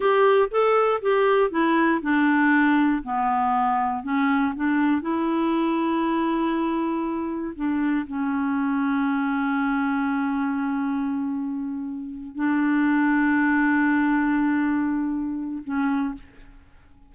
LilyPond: \new Staff \with { instrumentName = "clarinet" } { \time 4/4 \tempo 4 = 119 g'4 a'4 g'4 e'4 | d'2 b2 | cis'4 d'4 e'2~ | e'2. d'4 |
cis'1~ | cis'1~ | cis'8 d'2.~ d'8~ | d'2. cis'4 | }